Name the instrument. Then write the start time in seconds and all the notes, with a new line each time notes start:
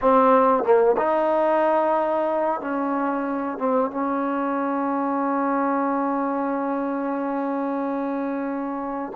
trombone
0.01 C4
0.63 A#3
0.97 D#4
2.61 C#4
3.58 C4
3.90 C#4